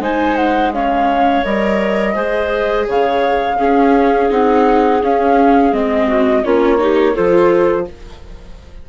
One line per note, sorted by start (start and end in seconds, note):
0.00 1.43 G#3
0.00 0.73 D#4
0.00 0.72 C5
0.00 0.37 G#5
0.37 0.72 F#5
0.74 1.45 C#4
0.74 2.14 C#5
0.74 1.44 F5
1.44 2.16 G3
1.44 2.15 A#4
1.44 2.87 D#5
2.14 2.87 G#3
2.14 3.58 G#4
2.14 2.85 C5
2.88 3.59 C#3
2.88 3.58 C#5
2.88 4.31 F5
3.58 4.29 C#4
3.58 4.31 C#4
3.58 6.08 G#4
4.30 5.02 C4
4.30 5.01 D#4
4.30 5.03 F#5
5.02 5.73 C#4
5.02 5.74 F5
5.73 6.44 G#3
5.73 6.44 C4
5.73 6.44 D#5
6.08 6.43 F#4
6.43 7.17 A#3
6.43 6.78 C#4
6.43 6.79 F4
6.43 7.16 C#5
6.78 7.14 D#4
6.78 7.13 G4
7.13 7.89 F3
7.13 7.87 F4
7.13 7.85 A4
7.13 7.87 C5